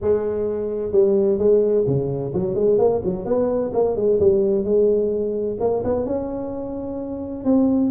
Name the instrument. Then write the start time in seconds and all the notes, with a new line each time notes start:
tuba
0.01 G#3
0.92 G3
1.38 G#3
1.86 C#3
2.33 F#3
2.55 G#3
2.78 A#3
3.04 F#3
3.25 B3
3.73 A#3
3.96 G#3
4.19 G3
4.64 G#3
5.60 A#3
5.84 B3
6.05 C#4
7.44 C4